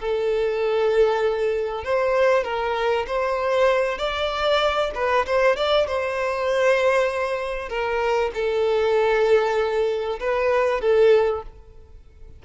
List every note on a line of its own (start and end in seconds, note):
0.00 1.84 A4
1.84 2.44 C5
2.44 3.06 A#4
3.07 3.98 C5
3.98 4.91 D5
4.95 5.25 B4
5.26 5.56 C5
5.56 5.87 D5
5.87 7.69 C5
7.69 8.31 A#4
8.34 10.19 A4
10.20 10.81 B4
10.81 11.43 A4